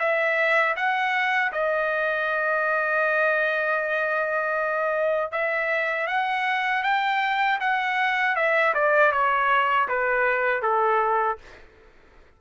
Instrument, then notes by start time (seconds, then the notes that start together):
trumpet
0.00 E5
0.77 F#5
1.53 D#5
5.32 E5
6.07 F#5
6.84 G5
7.61 F#5
8.36 E5
8.74 D5
9.12 C#5
9.88 B4
10.63 A4